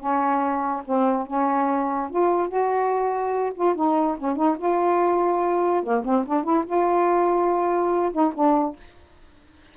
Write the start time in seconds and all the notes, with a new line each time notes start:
0.00 C#4
0.86 C4
1.27 C#4
2.11 F4
2.49 F#4
3.55 F4
3.76 D#4
4.18 C#4
4.37 D#4
4.59 F4
5.83 A#3
6.05 C4
6.27 D4
6.44 E4
6.66 F4
8.13 D#4
8.35 D4